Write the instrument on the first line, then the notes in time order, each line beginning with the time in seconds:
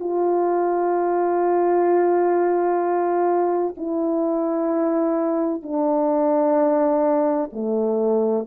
horn
0.00 F4
3.78 E4
5.63 D4
7.53 A3